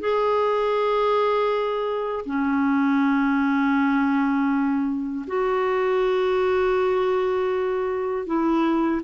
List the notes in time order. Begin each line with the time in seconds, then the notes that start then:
0.00 G#4
2.25 C#4
5.27 F#4
8.26 E4